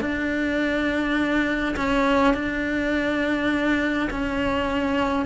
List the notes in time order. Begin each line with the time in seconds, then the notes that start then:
0.00 D4
1.76 C#4
2.34 D4
4.10 C#4